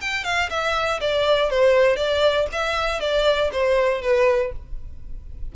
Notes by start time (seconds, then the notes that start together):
0.00 G5
0.24 F5
0.49 E5
1.00 D5
1.50 C5
1.96 D5
2.52 E5
3.00 D5
3.52 C5
4.01 B4